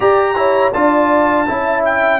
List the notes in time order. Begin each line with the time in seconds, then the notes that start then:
0.00 G4 D5 A#5
0.35 E4 C#5
0.73 D4 F4 D5 A5
1.46 C#4 E4 E5
1.84 G5